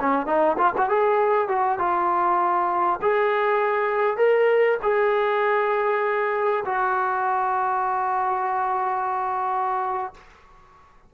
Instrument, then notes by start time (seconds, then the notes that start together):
trombone
0.00 C#4
0.27 D#4
0.58 F4
0.78 F#4
0.89 G#4
1.48 F#4
1.79 F4
3.02 G#4
4.18 A#4
4.83 G#4
6.66 F#4